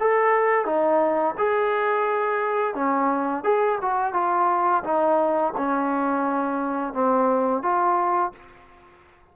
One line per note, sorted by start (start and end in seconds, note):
0.00 0.65 A4
0.65 1.35 D#4
1.38 2.75 G#4
2.75 3.44 C#4
3.44 3.79 G#4
3.82 4.14 F#4
4.14 4.83 F4
4.84 5.54 D#4
5.57 6.94 C#4
6.94 7.63 C4
7.63 8.32 F4